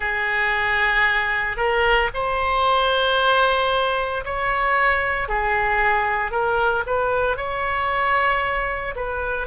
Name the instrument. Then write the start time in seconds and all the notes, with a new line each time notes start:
oboe
0.00 G#4
1.56 A#4
2.13 C5
4.24 C#5
5.28 G#4
6.31 A#4
6.86 B4
7.36 C#5
8.95 B4